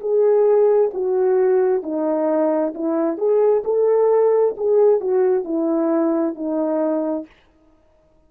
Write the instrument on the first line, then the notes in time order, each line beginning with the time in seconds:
horn
0.00 G#4
0.93 F#4
1.83 D#4
2.74 E4
3.17 G#4
3.64 A4
4.57 G#4
5.00 F#4
5.44 E4
6.35 D#4